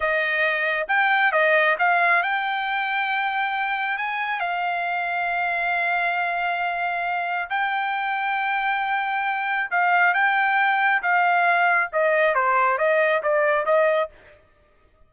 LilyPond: \new Staff \with { instrumentName = "trumpet" } { \time 4/4 \tempo 4 = 136 dis''2 g''4 dis''4 | f''4 g''2.~ | g''4 gis''4 f''2~ | f''1~ |
f''4 g''2.~ | g''2 f''4 g''4~ | g''4 f''2 dis''4 | c''4 dis''4 d''4 dis''4 | }